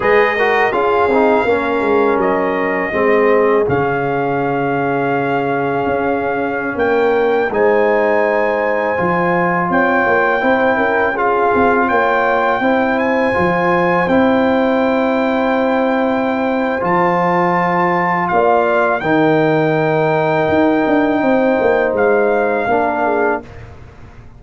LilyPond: <<
  \new Staff \with { instrumentName = "trumpet" } { \time 4/4 \tempo 4 = 82 dis''4 f''2 dis''4~ | dis''4 f''2.~ | f''4~ f''16 g''4 gis''4.~ gis''16~ | gis''4~ gis''16 g''2 f''8.~ |
f''16 g''4. gis''4. g''8.~ | g''2. a''4~ | a''4 f''4 g''2~ | g''2 f''2 | }
  \new Staff \with { instrumentName = "horn" } { \time 4/4 b'8 ais'8 gis'4 ais'2 | gis'1~ | gis'4~ gis'16 ais'4 c''4.~ c''16~ | c''4~ c''16 cis''4 c''8 ais'8 gis'8.~ |
gis'16 cis''4 c''2~ c''8.~ | c''1~ | c''4 d''4 ais'2~ | ais'4 c''2 ais'8 gis'8 | }
  \new Staff \with { instrumentName = "trombone" } { \time 4/4 gis'8 fis'8 f'8 dis'8 cis'2 | c'4 cis'2.~ | cis'2~ cis'16 dis'4.~ dis'16~ | dis'16 f'2 e'4 f'8.~ |
f'4~ f'16 e'4 f'4 e'8.~ | e'2. f'4~ | f'2 dis'2~ | dis'2. d'4 | }
  \new Staff \with { instrumentName = "tuba" } { \time 4/4 gis4 cis'8 c'8 ais8 gis8 fis4 | gis4 cis2. | cis'4~ cis'16 ais4 gis4.~ gis16~ | gis16 f4 c'8 ais8 c'8 cis'4 c'16~ |
c'16 ais4 c'4 f4 c'8.~ | c'2. f4~ | f4 ais4 dis2 | dis'8 d'8 c'8 ais8 gis4 ais4 | }
>>